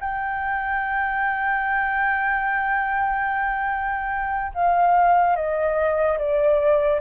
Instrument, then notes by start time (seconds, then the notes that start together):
flute
0.00 G5
4.54 F5
5.35 D#5
6.18 D5